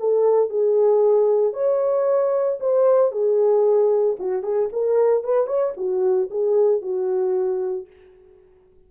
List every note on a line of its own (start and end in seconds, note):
0.00 0.50 A4
0.50 1.54 G#4
1.54 2.59 C#5
2.60 3.12 C5
3.12 4.17 G#4
4.20 4.44 F#4
4.44 4.70 G#4
4.73 5.24 A#4
5.24 5.47 B4
5.47 5.73 C#5
5.77 6.30 F#4
6.31 6.82 G#4
6.82 7.87 F#4